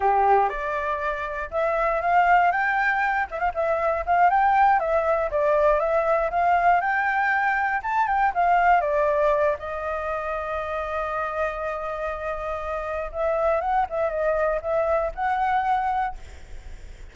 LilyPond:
\new Staff \with { instrumentName = "flute" } { \time 4/4 \tempo 4 = 119 g'4 d''2 e''4 | f''4 g''4. e''16 f''16 e''4 | f''8 g''4 e''4 d''4 e''8~ | e''8 f''4 g''2 a''8 |
g''8 f''4 d''4. dis''4~ | dis''1~ | dis''2 e''4 fis''8 e''8 | dis''4 e''4 fis''2 | }